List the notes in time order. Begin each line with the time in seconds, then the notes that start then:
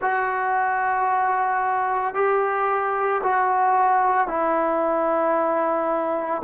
0.01 F#4
2.14 G4
3.23 F#4
4.27 E4